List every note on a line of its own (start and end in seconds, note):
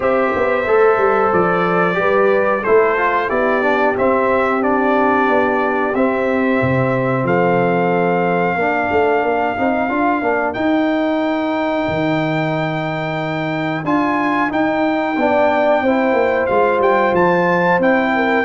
0.00 0.31 C4
0.00 0.63 G4
0.00 1.98 C5
0.00 1.32 E5
0.35 0.66 B3
0.66 0.97 A3
0.66 1.93 A4
0.97 1.30 G3
1.32 1.98 F3
1.32 2.63 D5
1.93 2.64 G3
1.93 2.59 G4
1.93 2.62 B4
2.62 3.30 A3
2.62 2.97 E4
2.62 3.28 A4
2.62 3.29 C5
2.97 3.29 F4
3.28 3.96 B3
3.28 3.62 E4
3.28 7.24 G4
3.28 3.95 D5
3.62 3.95 D4
3.97 4.61 C4
3.97 5.29 C4
3.97 4.62 E5
4.61 5.93 D4
4.61 5.94 D5
5.29 5.94 B3
5.94 6.60 C4
5.94 8.58 C4
5.94 7.26 E5
6.61 7.23 C3
7.23 8.55 F3
7.23 8.56 A4
7.23 10.53 F5
8.55 8.88 A#3
8.55 9.57 D4
8.55 15.16 A#4
8.91 9.22 A3
9.22 9.55 A#3
9.57 9.88 C4
9.57 9.89 D#4
9.88 10.21 D4
9.88 10.22 F4
10.22 10.55 A#3
10.22 10.54 D4
10.53 13.83 D#4
10.53 11.87 D#4
10.53 13.83 G5
11.87 13.84 D#3
13.84 14.50 D4
13.84 14.49 F4
13.84 14.51 G#5
14.49 15.15 D#4
14.49 15.16 D#4
14.49 16.46 G5
15.16 15.82 B3
15.16 15.85 D4
15.16 15.83 D5
15.82 16.12 C4
15.82 16.50 E4
15.82 18.14 C5
16.12 16.45 A#3
16.46 16.78 G#3
16.46 17.80 F4
16.46 16.79 F5
16.78 17.11 G3
16.78 17.15 G5
17.12 17.78 F3
17.12 17.81 A5
17.79 18.45 C4
17.79 18.45 E4
17.79 18.45 G5
18.15 18.45 A#4